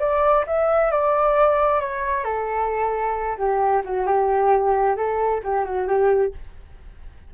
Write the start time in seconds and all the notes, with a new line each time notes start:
0.00 D5
0.47 E5
0.91 D5
1.81 C#5
2.24 A4
3.38 G4
3.85 F#4
4.07 G4
4.97 A4
5.44 G4
5.65 F#4
5.88 G4